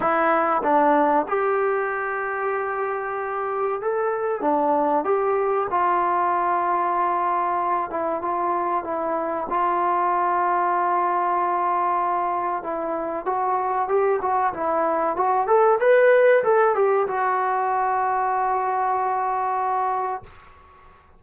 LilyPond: \new Staff \with { instrumentName = "trombone" } { \time 4/4 \tempo 4 = 95 e'4 d'4 g'2~ | g'2 a'4 d'4 | g'4 f'2.~ | f'8 e'8 f'4 e'4 f'4~ |
f'1 | e'4 fis'4 g'8 fis'8 e'4 | fis'8 a'8 b'4 a'8 g'8 fis'4~ | fis'1 | }